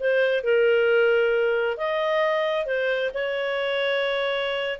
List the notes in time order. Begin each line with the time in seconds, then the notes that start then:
0.00 C5
0.44 A#4
1.77 D#5
2.66 C5
3.14 C#5